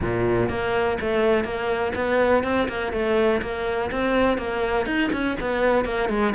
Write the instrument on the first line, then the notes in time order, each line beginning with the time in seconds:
cello
0.01 A#2
0.49 A#3
1.00 A3
1.44 A#3
1.95 B3
2.43 C4
2.68 A#3
2.92 A3
3.41 A#3
3.91 C4
4.37 A#3
4.86 D#4
5.12 C#4
5.40 B3
5.84 A#3
6.09 G#3